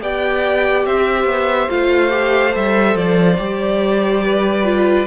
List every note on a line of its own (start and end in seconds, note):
0.00 0.85 B3
0.00 1.69 G4
0.00 0.86 D5
0.00 0.85 G5
0.85 1.24 C4
0.85 4.24 C5
0.85 1.70 E5
1.24 1.67 B3
1.69 2.55 A3
1.69 2.09 F4
1.69 2.54 F5
2.09 2.51 G4
2.52 2.95 G3
2.52 3.36 A4
2.52 2.96 E5
2.95 3.37 F3
2.95 5.07 D5
3.37 5.07 G3
3.37 4.64 G4
4.24 5.07 B4
4.64 5.06 F4